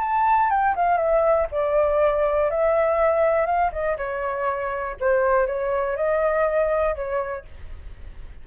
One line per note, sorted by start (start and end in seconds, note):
0.00 0.50 A5
0.50 0.74 G5
0.76 0.97 F5
0.97 1.47 E5
1.51 2.50 D5
2.50 3.46 E5
3.46 3.71 F5
3.72 3.96 D#5
3.97 4.96 C#5
4.99 5.47 C5
5.47 5.96 C#5
5.96 6.95 D#5
6.95 7.44 C#5